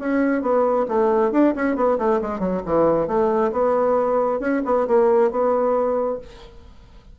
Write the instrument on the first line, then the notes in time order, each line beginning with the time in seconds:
bassoon
0.00 C#4
0.42 B3
0.89 A3
1.32 D4
1.56 C#4
1.76 B3
1.99 A3
2.22 G#3
2.40 F#3
2.66 E3
3.08 A3
3.53 B3
4.40 C#4
4.65 B3
4.88 A#3
5.31 B3